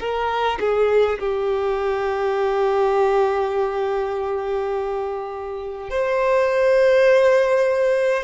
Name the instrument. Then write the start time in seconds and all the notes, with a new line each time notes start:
violin
0.00 A#4
0.60 G#4
1.19 G4
5.90 C5